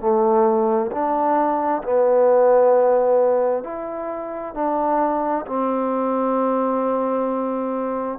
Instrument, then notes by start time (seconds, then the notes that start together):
trombone
0.00 A3
0.92 D4
1.83 B3
3.64 E4
4.55 D4
5.46 C4